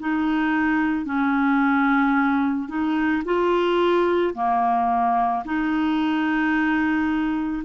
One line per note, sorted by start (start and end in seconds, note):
0.00 1.06 D#4
1.06 2.69 C#4
2.69 3.23 D#4
3.25 4.34 F4
4.34 5.43 A#3
5.45 7.63 D#4